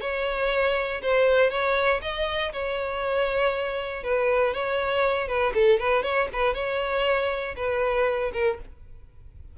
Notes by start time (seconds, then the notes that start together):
0.00 C#5
1.02 C5
1.50 C#5
2.01 D#5
2.52 C#5
4.03 B4
4.53 C#5
5.27 B4
5.54 A4
5.79 B4
6.03 C#5
6.33 B4
6.54 C#5
7.56 B4
8.32 A#4